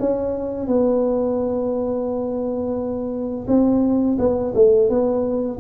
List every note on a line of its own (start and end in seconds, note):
0.00 0.68 C#4
0.68 3.47 B3
3.48 4.18 C4
4.19 4.54 B3
4.55 4.90 A3
4.90 5.60 B3